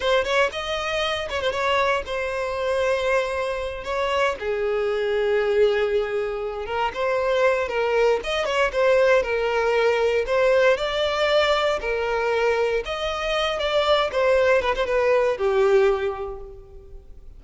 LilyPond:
\new Staff \with { instrumentName = "violin" } { \time 4/4 \tempo 4 = 117 c''8 cis''8 dis''4. cis''16 c''16 cis''4 | c''2.~ c''8 cis''8~ | cis''8 gis'2.~ gis'8~ | gis'4 ais'8 c''4. ais'4 |
dis''8 cis''8 c''4 ais'2 | c''4 d''2 ais'4~ | ais'4 dis''4. d''4 c''8~ | c''8 b'16 c''16 b'4 g'2 | }